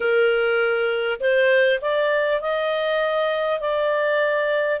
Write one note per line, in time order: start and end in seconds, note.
0.00 1.19 A#4
1.20 1.80 C5
1.81 2.41 D5
2.41 3.59 D#5
3.59 4.79 D5